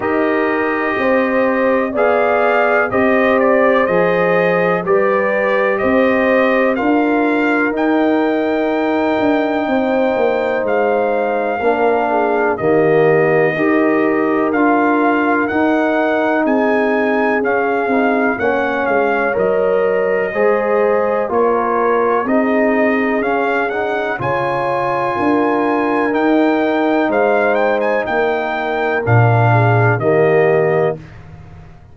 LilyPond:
<<
  \new Staff \with { instrumentName = "trumpet" } { \time 4/4 \tempo 4 = 62 dis''2 f''4 dis''8 d''8 | dis''4 d''4 dis''4 f''4 | g''2. f''4~ | f''4 dis''2 f''4 |
fis''4 gis''4 f''4 fis''8 f''8 | dis''2 cis''4 dis''4 | f''8 fis''8 gis''2 g''4 | f''8 g''16 gis''16 g''4 f''4 dis''4 | }
  \new Staff \with { instrumentName = "horn" } { \time 4/4 ais'4 c''4 d''4 c''4~ | c''4 b'4 c''4 ais'4~ | ais'2 c''2 | ais'8 gis'8 g'4 ais'2~ |
ais'4 gis'2 cis''4~ | cis''4 c''4 ais'4 gis'4~ | gis'4 cis''4 ais'2 | c''4 ais'4. gis'8 g'4 | }
  \new Staff \with { instrumentName = "trombone" } { \time 4/4 g'2 gis'4 g'4 | gis'4 g'2 f'4 | dis'1 | d'4 ais4 g'4 f'4 |
dis'2 cis'8 dis'8 cis'4 | ais'4 gis'4 f'4 dis'4 | cis'8 dis'8 f'2 dis'4~ | dis'2 d'4 ais4 | }
  \new Staff \with { instrumentName = "tuba" } { \time 4/4 dis'4 c'4 b4 c'4 | f4 g4 c'4 d'4 | dis'4. d'8 c'8 ais8 gis4 | ais4 dis4 dis'4 d'4 |
dis'4 c'4 cis'8 c'8 ais8 gis8 | fis4 gis4 ais4 c'4 | cis'4 cis4 d'4 dis'4 | gis4 ais4 ais,4 dis4 | }
>>